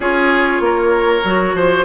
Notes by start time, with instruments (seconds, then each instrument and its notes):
0.00 bassoon C#4, clarinet F4, oboe G#4, flute C#5
0.60 bassoon A#3, oboe A#4
1.24 bassoon F#3, clarinet F#4
1.53 bassoon F3, oboe C5